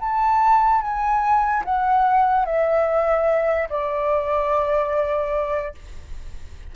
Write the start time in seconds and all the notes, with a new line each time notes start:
0.00 A5
0.81 G#5
1.65 F#5
2.46 E5
3.69 D5